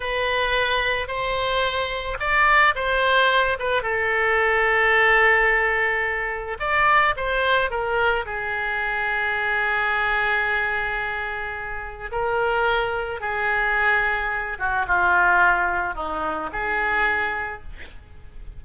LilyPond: \new Staff \with { instrumentName = "oboe" } { \time 4/4 \tempo 4 = 109 b'2 c''2 | d''4 c''4. b'8 a'4~ | a'1 | d''4 c''4 ais'4 gis'4~ |
gis'1~ | gis'2 ais'2 | gis'2~ gis'8 fis'8 f'4~ | f'4 dis'4 gis'2 | }